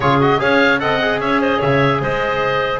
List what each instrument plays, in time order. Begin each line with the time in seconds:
0.00 double bass C#3, trombone F4, clarinet G#4, oboe C#5
0.21 trombone F#4, oboe D#5
0.38 double bass C#4, trombone G#4, clarinet C#5, oboe F5
0.79 double bass C4, trombone A4, clarinet D#5, oboe F#5
1.01 trombone G#4
1.19 double bass C#4, clarinet C#5, oboe E5
1.41 clarinet C5, oboe D#5
1.57 double bass C#3, clarinet C#5, oboe E5
2.01 double bass G#3, clarinet C5, oboe D#5